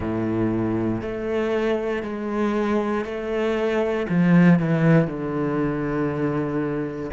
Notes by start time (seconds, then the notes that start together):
0.00 A2
1.01 A3
2.02 G#3
3.05 A3
4.09 F3
4.59 E3
5.07 D3